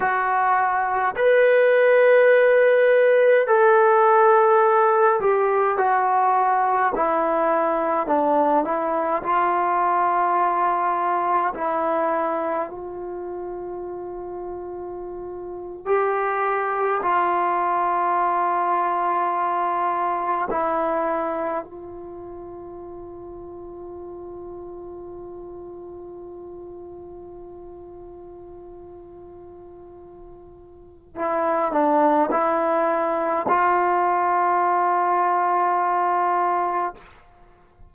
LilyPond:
\new Staff \with { instrumentName = "trombone" } { \time 4/4 \tempo 4 = 52 fis'4 b'2 a'4~ | a'8 g'8 fis'4 e'4 d'8 e'8 | f'2 e'4 f'4~ | f'4.~ f'16 g'4 f'4~ f'16~ |
f'4.~ f'16 e'4 f'4~ f'16~ | f'1~ | f'2. e'8 d'8 | e'4 f'2. | }